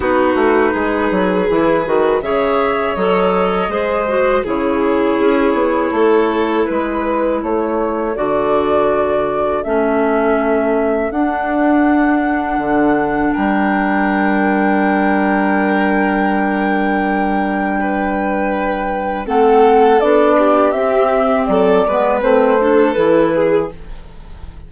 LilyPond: <<
  \new Staff \with { instrumentName = "flute" } { \time 4/4 \tempo 4 = 81 b'2. e''4 | dis''2 cis''2~ | cis''4 b'4 cis''4 d''4~ | d''4 e''2 fis''4~ |
fis''2 g''2~ | g''1~ | g''2 fis''4 d''4 | e''4 d''4 c''4 b'4 | }
  \new Staff \with { instrumentName = "violin" } { \time 4/4 fis'4 gis'2 cis''4~ | cis''4 c''4 gis'2 | a'4 b'4 a'2~ | a'1~ |
a'2 ais'2~ | ais'1 | b'2 a'4. g'8~ | g'4 a'8 b'4 a'4 gis'8 | }
  \new Staff \with { instrumentName = "clarinet" } { \time 4/4 dis'2 e'8 fis'8 gis'4 | a'4 gis'8 fis'8 e'2~ | e'2. fis'4~ | fis'4 cis'2 d'4~ |
d'1~ | d'1~ | d'2 c'4 d'4 | c'4. b8 c'8 d'8 e'4 | }
  \new Staff \with { instrumentName = "bassoon" } { \time 4/4 b8 a8 gis8 fis8 e8 dis8 cis4 | fis4 gis4 cis4 cis'8 b8 | a4 gis4 a4 d4~ | d4 a2 d'4~ |
d'4 d4 g2~ | g1~ | g2 a4 b4 | c'4 fis8 gis8 a4 e4 | }
>>